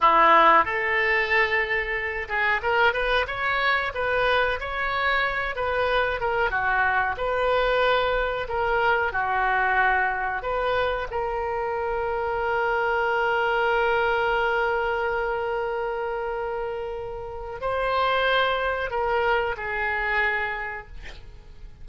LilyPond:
\new Staff \with { instrumentName = "oboe" } { \time 4/4 \tempo 4 = 92 e'4 a'2~ a'8 gis'8 | ais'8 b'8 cis''4 b'4 cis''4~ | cis''8 b'4 ais'8 fis'4 b'4~ | b'4 ais'4 fis'2 |
b'4 ais'2.~ | ais'1~ | ais'2. c''4~ | c''4 ais'4 gis'2 | }